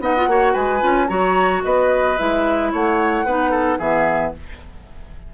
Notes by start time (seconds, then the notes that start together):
0.00 B3 D#4 D#5 F#5
0.16 F4
0.27 A#3 F#4 C#5
0.53 G#3 B4 G#5
0.80 C#4 F4
1.08 F#3 F#4 C#5 A#5
1.64 B3 B4 D#5
2.17 G#3 E4 E5
2.72 A3 C#5 F#5
3.25 B3 D#4 B4
3.51 A4
3.79 E3 B3 G#4 E5